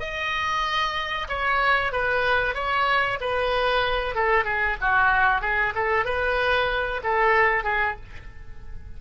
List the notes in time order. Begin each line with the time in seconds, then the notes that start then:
0.00 D#5
1.28 C#5
1.92 B4
2.54 C#5
3.21 B4
4.15 A4
4.44 G#4
4.81 F#4
5.41 G#4
5.75 A4
6.05 B4
7.04 A4
7.64 G#4